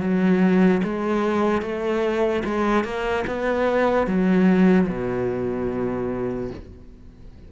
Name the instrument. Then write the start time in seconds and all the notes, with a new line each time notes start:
cello
0.00 F#3
0.83 G#3
1.61 A3
2.44 G#3
2.84 A#3
3.27 B3
4.07 F#3
4.88 B2